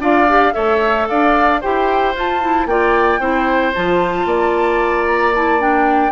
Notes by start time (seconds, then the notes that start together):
0.00 D4 F4 D5 F5
0.28 G4
0.53 A3 A4 C#5 E5
1.08 D4 D5 F5
1.61 E4 G4 C5 G5
2.15 F4 A5
2.41 E4
2.66 A#3 F4 D5 G5
3.19 C4 E4 C5
3.74 F3 F4 A5
4.25 A#3 D5
5.07 A#5
5.34 E4 A5
5.59 D4 G5